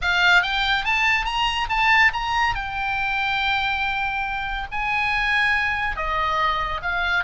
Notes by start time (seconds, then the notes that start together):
0.01 F5
0.42 G5
0.85 A5
1.25 A#5
1.69 A5
2.13 A#5
2.54 G5
4.71 G#5
5.96 D#5
6.82 F5